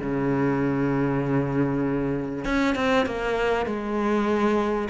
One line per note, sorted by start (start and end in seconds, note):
0.00 2.45 C#3
2.45 2.76 C#4
2.76 3.06 C4
3.06 3.66 A#3
3.66 4.89 G#3